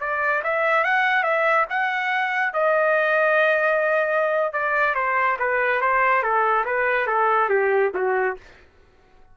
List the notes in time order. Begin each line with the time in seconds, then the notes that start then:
0.00 D5
0.43 E5
0.84 F#5
1.23 E5
1.69 F#5
2.53 D#5
4.53 D5
4.95 C5
5.39 B4
5.81 C5
6.22 A4
6.65 B4
7.07 A4
7.49 G4
7.94 F#4